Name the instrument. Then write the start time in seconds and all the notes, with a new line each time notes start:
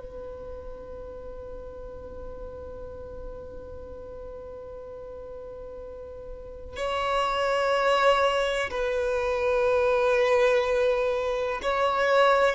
violin
0.00 B4
6.77 C#5
8.71 B4
11.63 C#5